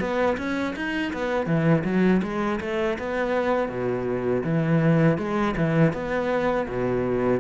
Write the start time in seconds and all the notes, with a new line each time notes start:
0.00 B3
0.37 C#4
0.75 D#4
1.13 B3
1.46 E3
1.84 F#3
2.23 G#3
2.61 A3
2.98 B3
3.69 B2
4.43 E3
5.18 G#3
5.56 E3
5.93 B3
6.68 B2